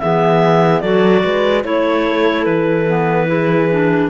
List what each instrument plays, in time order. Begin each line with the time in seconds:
0.00 cello E3, clarinet B3 E5, horn G#4
0.81 cello F#3, clarinet F#4 D5, horn A4
1.24 cello G#3, horn B4
1.63 cello A3, clarinet E4 C#5, horn C#5
2.07 horn A4
2.45 cello E3, clarinet B4
2.87 clarinet B3
3.27 clarinet E4, horn G#4
3.71 clarinet D4